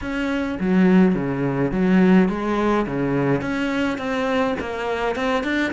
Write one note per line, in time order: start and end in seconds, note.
0.01 0.58 C#4
0.59 1.15 F#3
1.15 1.71 C#3
1.71 2.28 F#3
2.29 2.86 G#3
2.86 3.41 C#3
3.41 3.98 C#4
3.98 4.55 C4
4.59 5.15 A#3
5.15 5.43 C4
5.43 5.72 D4